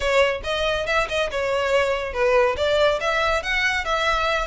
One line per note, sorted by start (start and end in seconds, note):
0.00 0.41 C#5
0.43 0.86 D#5
0.86 1.07 E5
1.08 1.30 D#5
1.30 2.13 C#5
2.13 2.56 B4
2.57 2.99 D5
3.00 3.42 E5
3.42 3.85 F#5
3.85 4.47 E5